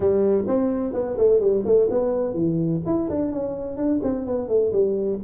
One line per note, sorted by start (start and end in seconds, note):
0.00 0.44 G3
0.47 0.93 C4
0.93 1.17 B3
1.17 1.40 A3
1.40 1.63 G3
1.65 1.89 A3
1.90 2.34 B3
2.34 2.81 E3
2.85 3.09 E4
3.09 3.32 D4
3.32 3.77 C#4
3.77 4.00 D4
4.02 4.25 C4
4.25 4.48 B3
4.48 4.72 A3
4.72 5.19 G3